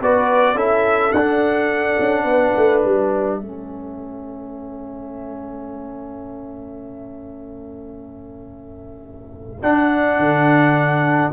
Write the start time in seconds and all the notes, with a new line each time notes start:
0.00 B3 F#4 B4 D5
0.54 C#4 E4 A4 E5
1.12 D4 F#5
2.00 C#4
2.23 B3 B4
2.56 A3
2.80 G3 E5
3.40 A3 C#4 A4
9.62 D4 F#5
10.18 D3